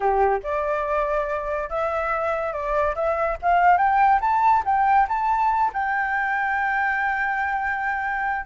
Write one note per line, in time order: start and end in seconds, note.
0.00 0.40 G4
0.43 1.69 D5
1.69 2.52 E5
2.52 2.94 D5
2.95 3.37 E5
3.41 3.77 F5
3.77 4.19 G5
4.21 4.63 A5
4.65 5.07 G5
5.08 5.71 A5
5.73 8.45 G5